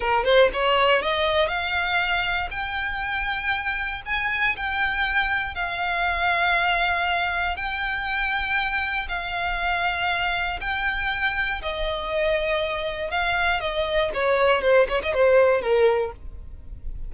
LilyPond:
\new Staff \with { instrumentName = "violin" } { \time 4/4 \tempo 4 = 119 ais'8 c''8 cis''4 dis''4 f''4~ | f''4 g''2. | gis''4 g''2 f''4~ | f''2. g''4~ |
g''2 f''2~ | f''4 g''2 dis''4~ | dis''2 f''4 dis''4 | cis''4 c''8 cis''16 dis''16 c''4 ais'4 | }